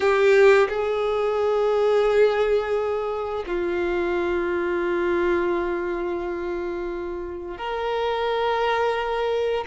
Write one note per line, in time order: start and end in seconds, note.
0.00 0.67 G4
0.68 3.44 G#4
3.46 7.57 F4
7.57 9.64 A#4